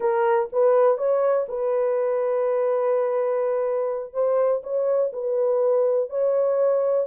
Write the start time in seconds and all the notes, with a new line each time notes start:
0.00 A#4
0.52 B4
0.97 C#5
1.48 B4
4.13 C5
4.63 C#5
5.12 B4
6.09 C#5